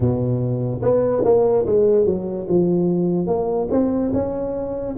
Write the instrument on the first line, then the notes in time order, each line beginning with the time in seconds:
tuba
0.00 B2
0.81 B3
1.24 A#3
1.66 G#3
2.05 F#3
2.48 F3
3.27 A#3
3.70 C4
4.13 C#4